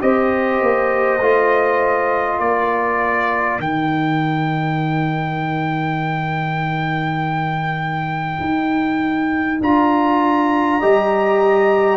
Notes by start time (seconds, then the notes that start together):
0.00 C4 G4 C5 D#5
0.61 A#3
1.21 A3 F4
2.39 A#3 A#4 D5
3.59 D#3 D#4 G5
8.40 D#4
9.61 D4 F4 A#5
10.79 G3 G4 D#5